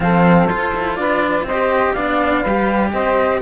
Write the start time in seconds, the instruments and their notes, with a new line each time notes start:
0.00 cello F3 C4, saxophone A4, flute F5
0.47 cello F4, flute C5
0.74 cello E4
0.95 cello D4, saxophone B4, flute D5
1.42 cello C4, saxophone C5, flute D#5
1.51 cello G4
1.93 cello B3 D4, saxophone D5, flute F5
2.40 cello G3, saxophone B4
2.48 cello G4
2.92 cello C4, saxophone C5, flute D#5